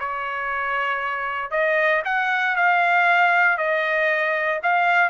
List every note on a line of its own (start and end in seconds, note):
0.00 1.51 C#5
1.51 2.03 D#5
2.05 2.56 F#5
2.56 3.58 F5
3.58 4.60 D#5
4.63 5.10 F5